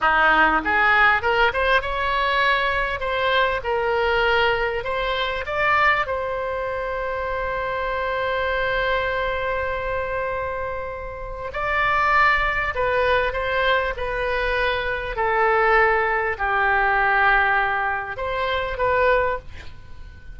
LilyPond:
\new Staff \with { instrumentName = "oboe" } { \time 4/4 \tempo 4 = 99 dis'4 gis'4 ais'8 c''8 cis''4~ | cis''4 c''4 ais'2 | c''4 d''4 c''2~ | c''1~ |
c''2. d''4~ | d''4 b'4 c''4 b'4~ | b'4 a'2 g'4~ | g'2 c''4 b'4 | }